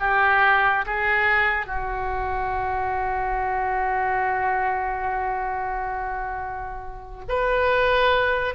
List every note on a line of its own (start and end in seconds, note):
0.00 0.86 G4
0.86 1.67 G#4
1.67 7.24 F#4
7.29 8.55 B4